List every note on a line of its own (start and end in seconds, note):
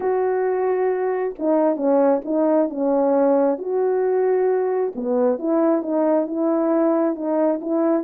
0.00 1.34 F#4
1.38 1.76 D#4
1.76 2.21 C#4
2.24 2.69 D#4
2.69 3.58 C#4
3.58 4.92 F#4
4.95 5.39 B3
5.39 5.82 E4
5.82 6.26 D#4
6.26 7.15 E4
7.15 7.59 D#4
7.61 8.04 E4